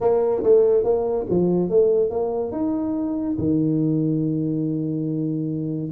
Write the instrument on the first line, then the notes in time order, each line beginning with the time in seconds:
tuba
0.00 A#3
0.43 A3
0.83 A#3
1.29 F3
1.69 A3
2.10 A#3
2.51 D#4
3.37 D#3